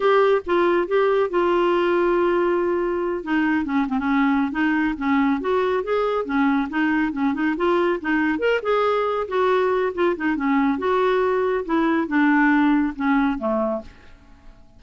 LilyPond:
\new Staff \with { instrumentName = "clarinet" } { \time 4/4 \tempo 4 = 139 g'4 f'4 g'4 f'4~ | f'2.~ f'8 dis'8~ | dis'8 cis'8 c'16 cis'4~ cis'16 dis'4 cis'8~ | cis'8 fis'4 gis'4 cis'4 dis'8~ |
dis'8 cis'8 dis'8 f'4 dis'4 ais'8 | gis'4. fis'4. f'8 dis'8 | cis'4 fis'2 e'4 | d'2 cis'4 a4 | }